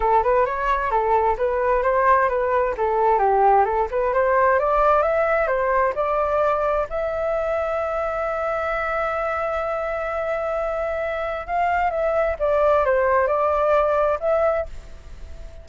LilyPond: \new Staff \with { instrumentName = "flute" } { \time 4/4 \tempo 4 = 131 a'8 b'8 cis''4 a'4 b'4 | c''4 b'4 a'4 g'4 | a'8 b'8 c''4 d''4 e''4 | c''4 d''2 e''4~ |
e''1~ | e''1~ | e''4 f''4 e''4 d''4 | c''4 d''2 e''4 | }